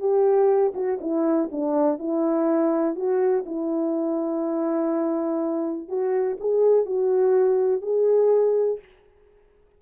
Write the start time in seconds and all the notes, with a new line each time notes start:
0.00 G4
0.75 F#4
1.01 E4
1.52 D4
1.99 E4
2.96 F#4
3.47 E4
5.89 F#4
6.41 G#4
6.86 F#4
7.82 G#4